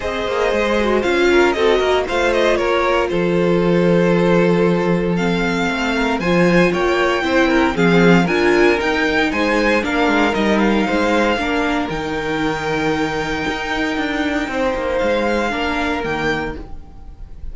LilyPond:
<<
  \new Staff \with { instrumentName = "violin" } { \time 4/4 \tempo 4 = 116 dis''2 f''4 dis''4 | f''8 dis''8 cis''4 c''2~ | c''2 f''2 | gis''4 g''2 f''4 |
gis''4 g''4 gis''4 f''4 | dis''8 f''2~ f''8 g''4~ | g''1~ | g''4 f''2 g''4 | }
  \new Staff \with { instrumentName = "violin" } { \time 4/4 c''2~ c''8 ais'8 a'8 ais'8 | c''4 ais'4 a'2~ | a'2.~ a'8 ais'8 | c''4 cis''4 c''8 ais'8 gis'4 |
ais'2 c''4 ais'4~ | ais'4 c''4 ais'2~ | ais'1 | c''2 ais'2 | }
  \new Staff \with { instrumentName = "viola" } { \time 4/4 gis'4. fis'8 f'4 fis'4 | f'1~ | f'2 c'2 | f'2 e'4 c'4 |
f'4 dis'2 d'4 | dis'2 d'4 dis'4~ | dis'1~ | dis'2 d'4 ais4 | }
  \new Staff \with { instrumentName = "cello" } { \time 4/4 c'8 ais8 gis4 cis'4 c'8 ais8 | a4 ais4 f2~ | f2. a4 | f4 ais4 c'4 f4 |
d'4 dis'4 gis4 ais8 gis8 | g4 gis4 ais4 dis4~ | dis2 dis'4 d'4 | c'8 ais8 gis4 ais4 dis4 | }
>>